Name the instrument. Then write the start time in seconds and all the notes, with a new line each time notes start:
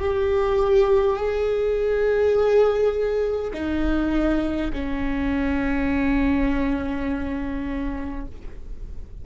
viola
0.00 G4
1.16 G#4
3.53 D#4
4.73 C#4